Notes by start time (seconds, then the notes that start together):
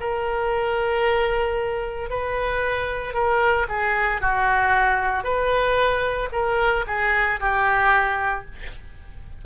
0.00 A#4
2.10 B4
3.14 A#4
3.68 G#4
4.21 F#4
5.23 B4
6.32 A#4
6.87 G#4
7.40 G4